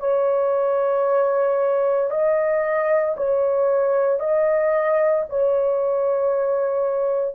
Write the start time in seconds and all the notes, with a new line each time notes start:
0.00 C#5
2.11 D#5
3.17 C#5
4.20 D#5
5.29 C#5